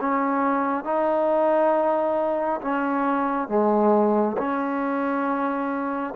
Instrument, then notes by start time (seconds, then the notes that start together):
trombone
0.00 C#4
0.83 D#4
2.61 C#4
3.48 G#3
4.37 C#4